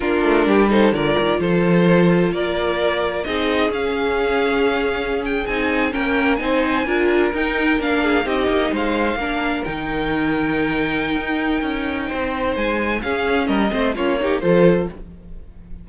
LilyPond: <<
  \new Staff \with { instrumentName = "violin" } { \time 4/4 \tempo 4 = 129 ais'4. c''8 d''4 c''4~ | c''4 d''2 dis''4 | f''2.~ f''16 g''8 gis''16~ | gis''8. g''4 gis''2 g''16~ |
g''8. f''4 dis''4 f''4~ f''16~ | f''8. g''2.~ g''16~ | g''2. gis''4 | f''4 dis''4 cis''4 c''4 | }
  \new Staff \with { instrumentName = "violin" } { \time 4/4 f'4 g'8 a'8 ais'4 a'4~ | a'4 ais'2 gis'4~ | gis'1~ | gis'8. ais'4 c''4 ais'4~ ais'16~ |
ais'4~ ais'16 gis'8 g'4 c''4 ais'16~ | ais'1~ | ais'2 c''2 | gis'4 ais'8 c''8 f'8 g'8 a'4 | }
  \new Staff \with { instrumentName = "viola" } { \time 4/4 d'4. dis'8 f'2~ | f'2. dis'4 | cis'2.~ cis'8. dis'16~ | dis'8. cis'4 dis'4 f'4 dis'16~ |
dis'8. d'4 dis'2 d'16~ | d'8. dis'2.~ dis'16~ | dis'1 | cis'4. c'8 cis'8 dis'8 f'4 | }
  \new Staff \with { instrumentName = "cello" } { \time 4/4 ais8 a8 g4 d8 dis8 f4~ | f4 ais2 c'4 | cis'2.~ cis'8. c'16~ | c'8. ais4 c'4 d'4 dis'16~ |
dis'8. ais4 c'8 ais8 gis4 ais16~ | ais8. dis2.~ dis16 | dis'4 cis'4 c'4 gis4 | cis'4 g8 a8 ais4 f4 | }
>>